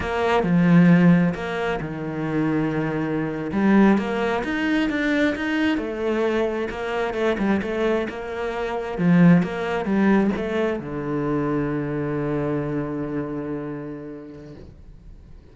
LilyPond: \new Staff \with { instrumentName = "cello" } { \time 4/4 \tempo 4 = 132 ais4 f2 ais4 | dis2.~ dis8. g16~ | g8. ais4 dis'4 d'4 dis'16~ | dis'8. a2 ais4 a16~ |
a16 g8 a4 ais2 f16~ | f8. ais4 g4 a4 d16~ | d1~ | d1 | }